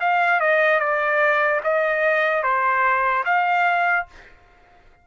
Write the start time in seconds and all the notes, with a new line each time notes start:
0.00 F5
0.40 D#5
0.79 D5
1.64 D#5
2.43 C5
3.25 F5